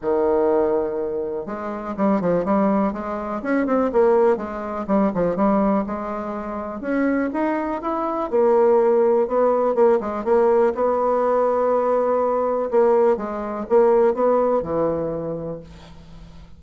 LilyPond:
\new Staff \with { instrumentName = "bassoon" } { \time 4/4 \tempo 4 = 123 dis2. gis4 | g8 f8 g4 gis4 cis'8 c'8 | ais4 gis4 g8 f8 g4 | gis2 cis'4 dis'4 |
e'4 ais2 b4 | ais8 gis8 ais4 b2~ | b2 ais4 gis4 | ais4 b4 e2 | }